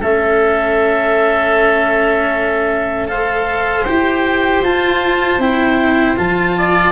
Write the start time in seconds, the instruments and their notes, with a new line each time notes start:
0.00 tuba A3, cello C#4, oboe A4, clarinet E5
3.08 cello A4, oboe C5, clarinet F5
3.85 tuba E4, cello G4, clarinet G5
4.61 tuba F4, cello F4, clarinet A5
5.38 tuba C4, cello E4, clarinet G5
6.17 tuba F3, cello F4, clarinet A5
6.58 oboe D5